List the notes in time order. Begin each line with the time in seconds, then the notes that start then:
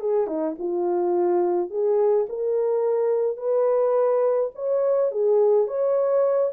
0.00 G#4
0.27 D#4
0.58 F4
1.70 G#4
2.29 A#4
3.37 B4
4.55 C#5
5.11 G#4
5.67 C#5